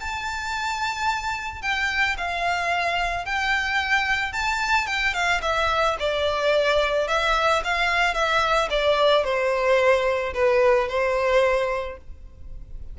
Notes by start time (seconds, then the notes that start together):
0.00 A5
1.61 G5
2.17 F5
3.25 G5
4.32 A5
4.86 G5
5.13 F5
5.42 E5
5.99 D5
7.08 E5
7.64 F5
8.14 E5
8.70 D5
9.24 C5
10.34 B4
10.88 C5